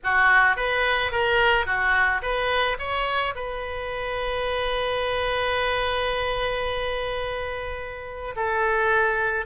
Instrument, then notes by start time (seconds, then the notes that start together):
oboe
0.03 F#4
0.56 B4
1.11 A#4
1.65 F#4
2.21 B4
2.79 C#5
3.35 B4
8.36 A4